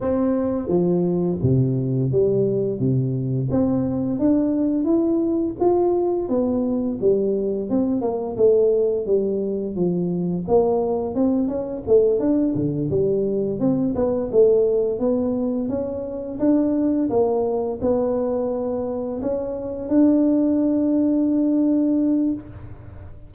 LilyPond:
\new Staff \with { instrumentName = "tuba" } { \time 4/4 \tempo 4 = 86 c'4 f4 c4 g4 | c4 c'4 d'4 e'4 | f'4 b4 g4 c'8 ais8 | a4 g4 f4 ais4 |
c'8 cis'8 a8 d'8 d8 g4 c'8 | b8 a4 b4 cis'4 d'8~ | d'8 ais4 b2 cis'8~ | cis'8 d'2.~ d'8 | }